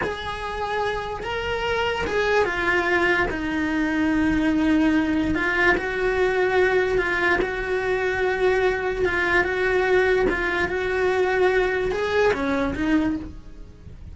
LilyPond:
\new Staff \with { instrumentName = "cello" } { \time 4/4 \tempo 4 = 146 gis'2. ais'4~ | ais'4 gis'4 f'2 | dis'1~ | dis'4 f'4 fis'2~ |
fis'4 f'4 fis'2~ | fis'2 f'4 fis'4~ | fis'4 f'4 fis'2~ | fis'4 gis'4 cis'4 dis'4 | }